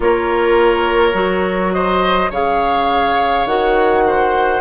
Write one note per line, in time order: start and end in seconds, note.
0.00 1.13 A#3
0.00 1.13 F4
0.00 1.74 A#4
0.00 1.73 C#5
1.13 2.29 F#3
1.13 2.28 F#4
1.73 2.30 C5
1.73 2.30 D#5
2.30 3.45 C#3
2.30 3.47 G#4
2.30 4.03 C#5
2.30 3.46 F5
3.45 4.60 D#3
3.45 4.60 F#4
3.45 4.60 F#5
4.06 4.60 C5